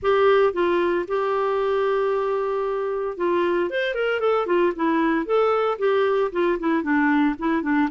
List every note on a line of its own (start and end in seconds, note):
0.02 0.53 G4
0.53 1.05 F4
1.07 3.17 G4
3.17 3.69 F4
3.69 3.94 C5
3.94 4.20 A#4
4.20 4.46 A4
4.46 4.72 F4
4.75 5.25 E4
5.25 5.78 A4
5.78 6.31 G4
6.32 6.58 F4
6.59 6.82 E4
6.82 7.35 D4
7.38 7.62 E4
7.62 7.88 D4